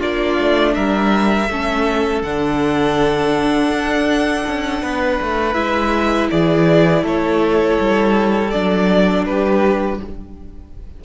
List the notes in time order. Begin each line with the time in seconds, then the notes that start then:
0.00 A#3 D4 F4 D5
0.39 A3
0.74 G3 A#4 E5
1.48 A3 C#4 A4
2.22 D3 D4 F#5
3.69 D4
4.47 C#4
4.82 B3 B4
5.22 A3
5.53 G#3 E4 E5
6.30 E3 G#4 D5
7.03 A3 A4 C#5
7.80 G3
8.51 F#3 D4 D5
9.26 G3 G4 B4